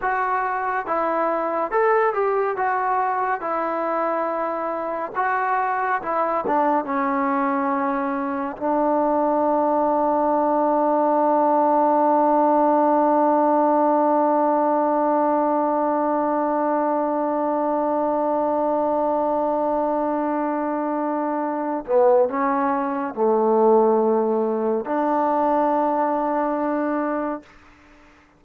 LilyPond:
\new Staff \with { instrumentName = "trombone" } { \time 4/4 \tempo 4 = 70 fis'4 e'4 a'8 g'8 fis'4 | e'2 fis'4 e'8 d'8 | cis'2 d'2~ | d'1~ |
d'1~ | d'1~ | d'4. b8 cis'4 a4~ | a4 d'2. | }